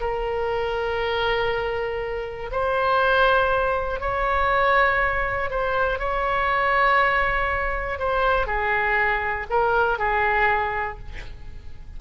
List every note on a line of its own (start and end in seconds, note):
0.00 2.50 A#4
2.51 4.00 C5
4.00 5.50 C#5
5.50 5.99 C5
5.99 7.99 C#5
7.99 8.47 C5
8.47 9.47 G#4
9.50 9.98 A#4
9.98 10.98 G#4